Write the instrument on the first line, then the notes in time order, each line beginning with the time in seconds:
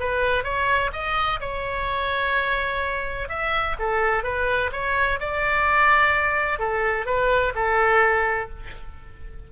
oboe
0.00 B4
0.44 C#5
0.93 D#5
1.40 C#5
3.29 E5
3.79 A4
4.23 B4
4.72 C#5
5.20 D5
6.59 A4
7.06 B4
7.55 A4